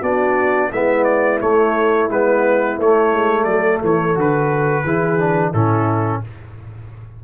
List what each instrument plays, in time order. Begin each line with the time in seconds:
0.00 tuba B3, trombone D4, horn F#4, trumpet D5
0.69 tuba G#3, trombone B3, horn E4, trumpet E5
1.04 trumpet D5
1.41 trombone A3, tuba A3, trumpet C#5
2.09 tuba G#3, trombone B3, trumpet B4
2.78 tuba A3, trombone A3, trumpet C#5
3.12 tuba G#3
3.44 tuba F#3, horn A4, trumpet D5
3.83 tuba E3, trumpet C#5
4.14 tuba D3, trombone F#4, trumpet B4
4.84 tuba E3, trombone E4, horn G#4
5.19 trombone D4
5.51 tuba A2, trombone C#4, horn E4, trumpet A4